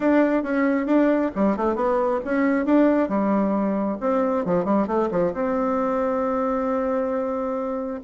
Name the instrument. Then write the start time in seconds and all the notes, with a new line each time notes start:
bassoon
0.00 D4
0.43 C#4
0.86 D4
1.35 G3
1.56 A3
1.75 B3
2.24 C#4
2.65 D4
3.08 G3
4.00 C4
4.45 F3
4.64 G3
4.87 A3
5.11 F3
5.33 C4